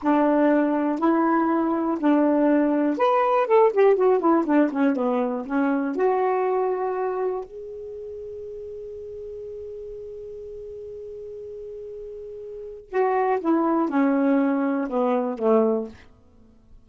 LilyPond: \new Staff \with { instrumentName = "saxophone" } { \time 4/4 \tempo 4 = 121 d'2 e'2 | d'2 b'4 a'8 g'8 | fis'8 e'8 d'8 cis'8 b4 cis'4 | fis'2. gis'4~ |
gis'1~ | gis'1~ | gis'2 fis'4 e'4 | cis'2 b4 a4 | }